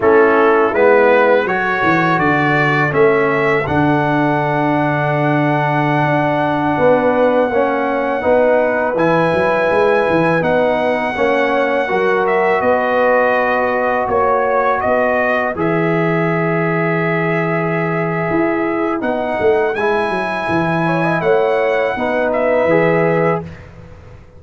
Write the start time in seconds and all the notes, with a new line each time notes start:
0.00 A3 C#4 E4 A4
0.72 G#3 B3 B4
1.45 F#3 F#4 A4 C#5
1.82 E3
2.19 D3 D5
2.90 A3 C#4 E5
3.66 D3 D4 F#5
6.04 D4
6.77 B3 B4
7.49 A#3 C#4 C#5
8.20 B3 D#4 B4
8.95 E3 E4 G#5
9.33 F#3
9.70 G#3
10.10 E3
10.40 B3 D#4 F#5
11.15 A#3 C#4 C#5
11.87 F#3 F#4 A#4
12.26 E5
12.61 B3 B4 D#5
14.08 A#3 C#5
14.80 B3 B4 D#5
15.55 E3 G#4 E5
18.30 E4
19.00 B3 D#4 F#5
19.39 A3
19.75 G#3 E4 G#5
20.09 F#3
20.48 E3
20.85 C#5
21.04 D#5
21.20 A3 C#5 F#5
21.95 B3 D#4 B4
22.32 E5
22.64 E3 G#4